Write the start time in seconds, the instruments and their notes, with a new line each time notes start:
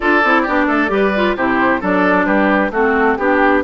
0.00 bassoon D4, clarinet F4, oboe A4, flute D5
0.23 bassoon C4, clarinet E4
0.42 bassoon B3, clarinet D4, oboe G4
0.67 bassoon A3, oboe A4
0.88 bassoon G3, clarinet G4, oboe B4
1.15 clarinet F4
1.36 bassoon C3, clarinet E4, oboe G4, flute C5
1.80 bassoon F#3, clarinet D4, oboe A4, flute D5
2.25 bassoon G3, oboe G4, flute B4
2.70 bassoon A3, clarinet C4, oboe F#4, flute A4
3.17 bassoon B3, clarinet D4, flute G4, oboe G4